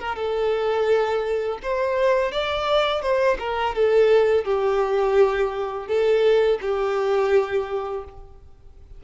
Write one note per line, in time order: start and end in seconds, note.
0.00 0.16 A#4
0.16 1.59 A4
1.63 2.32 C5
2.32 3.02 D5
3.02 3.37 C5
3.39 3.75 A#4
3.75 4.44 A4
4.44 5.87 G4
5.88 6.59 A4
6.62 8.05 G4